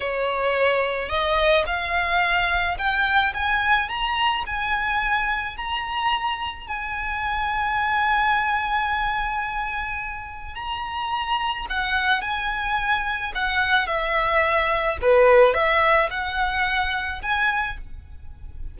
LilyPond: \new Staff \with { instrumentName = "violin" } { \time 4/4 \tempo 4 = 108 cis''2 dis''4 f''4~ | f''4 g''4 gis''4 ais''4 | gis''2 ais''2 | gis''1~ |
gis''2. ais''4~ | ais''4 fis''4 gis''2 | fis''4 e''2 b'4 | e''4 fis''2 gis''4 | }